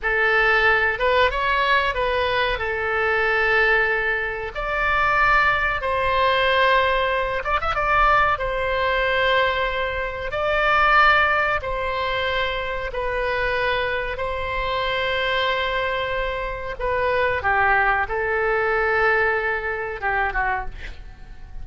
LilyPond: \new Staff \with { instrumentName = "oboe" } { \time 4/4 \tempo 4 = 93 a'4. b'8 cis''4 b'4 | a'2. d''4~ | d''4 c''2~ c''8 d''16 e''16 | d''4 c''2. |
d''2 c''2 | b'2 c''2~ | c''2 b'4 g'4 | a'2. g'8 fis'8 | }